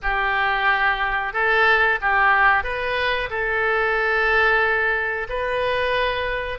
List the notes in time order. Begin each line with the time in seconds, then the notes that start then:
0.02 G4
1.33 A4
2.01 G4
2.63 B4
3.30 A4
5.29 B4